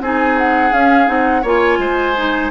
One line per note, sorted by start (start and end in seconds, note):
0.00 0.71 C4
0.00 0.72 D#4
0.00 1.42 G#4
0.00 0.37 G#5
0.38 0.73 F#5
0.72 1.07 C#4
0.72 1.06 C#4
0.72 1.08 F5
1.06 1.43 C4
1.06 1.42 D#4
1.06 1.44 F#5
1.42 1.78 A#3
1.42 2.16 F4
1.42 1.78 C#5
1.42 2.51 G#5
1.78 2.50 G#3
1.78 2.51 C5
2.16 2.51 D#4